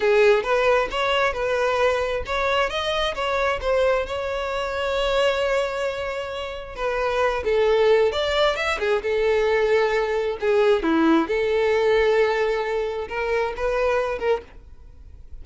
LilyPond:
\new Staff \with { instrumentName = "violin" } { \time 4/4 \tempo 4 = 133 gis'4 b'4 cis''4 b'4~ | b'4 cis''4 dis''4 cis''4 | c''4 cis''2.~ | cis''2. b'4~ |
b'8 a'4. d''4 e''8 gis'8 | a'2. gis'4 | e'4 a'2.~ | a'4 ais'4 b'4. ais'8 | }